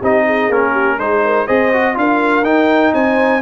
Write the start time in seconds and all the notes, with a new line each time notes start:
0.00 C4 D#4 G4 D#5
0.26 G#4
0.49 A#3 C#4 A#4
0.71 G4
0.98 G#3 D#4 G#4 C5
1.25 A#4
1.45 C4 G#4 C5 D#5
1.73 F#4
1.95 D4 F4 A#4 F5
2.43 D#4 G5
2.94 C4 C5 G#5